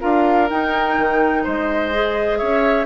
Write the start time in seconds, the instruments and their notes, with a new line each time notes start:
0.00 bassoon D4, clarinet F4, oboe A#4, flute F5
0.50 clarinet D#4, bassoon D#4, flute G5
0.97 bassoon D#3
1.43 bassoon G#3, oboe C5, flute D#5
1.92 clarinet G#4
2.37 bassoon C#4, oboe C#5, flute E5